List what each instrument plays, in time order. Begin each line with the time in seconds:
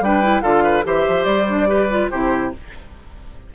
0.00 bassoon G3, clarinet D4, oboe B4, flute G5
0.23 clarinet E4
0.41 bassoon D3, clarinet F4, oboe A4, flute F5
0.63 oboe B4
0.83 bassoon E3, clarinet G4, oboe C5, flute E5
1.08 bassoon F3
1.24 bassoon G3, flute D5
1.48 clarinet D4
1.67 clarinet G4, oboe B4
1.90 clarinet F4
2.10 bassoon C3, clarinet E4, oboe G4, flute C5